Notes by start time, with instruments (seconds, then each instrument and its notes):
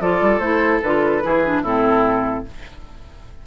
0.00 bassoon F3, clarinet F4, oboe A4, flute D5
0.21 bassoon G3
0.39 bassoon A3, clarinet E4, flute C5
0.82 bassoon D3, clarinet F4, flute B4
1.22 bassoon E3, clarinet E4, oboe G#4
1.44 clarinet D4
1.62 bassoon A2, clarinet C4, oboe E4, flute A4